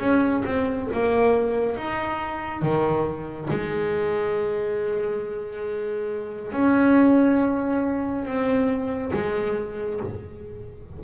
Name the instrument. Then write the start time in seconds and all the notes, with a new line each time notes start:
double bass
0.00 C#4
0.45 C4
0.93 A#3
1.77 D#4
2.62 D#3
3.51 G#3
6.53 C#4
8.25 C4
9.13 G#3